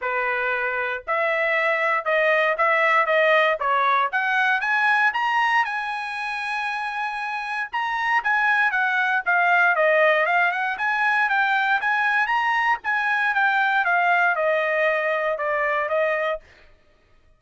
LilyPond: \new Staff \with { instrumentName = "trumpet" } { \time 4/4 \tempo 4 = 117 b'2 e''2 | dis''4 e''4 dis''4 cis''4 | fis''4 gis''4 ais''4 gis''4~ | gis''2. ais''4 |
gis''4 fis''4 f''4 dis''4 | f''8 fis''8 gis''4 g''4 gis''4 | ais''4 gis''4 g''4 f''4 | dis''2 d''4 dis''4 | }